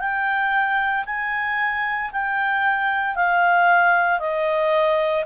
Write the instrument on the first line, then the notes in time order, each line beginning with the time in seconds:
clarinet
0.00 G5
1.06 G#5
2.12 G5
3.16 F5
4.20 D#5